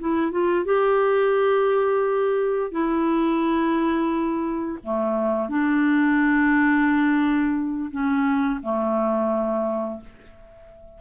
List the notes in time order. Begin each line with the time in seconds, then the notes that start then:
0.00 E4
0.31 F4
0.65 G4
2.72 E4
4.83 A3
5.49 D4
7.91 C#4
8.63 A3